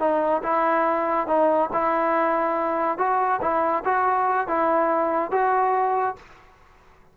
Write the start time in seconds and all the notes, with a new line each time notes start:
0.00 D#4
0.43 E4
1.28 D#4
1.73 E4
2.98 F#4
3.42 E4
3.85 F#4
4.48 E4
5.32 F#4